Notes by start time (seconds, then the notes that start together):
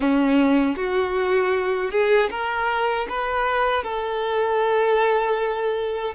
0.00 C#4
0.76 F#4
1.91 G#4
2.30 A#4
3.09 B4
3.83 A4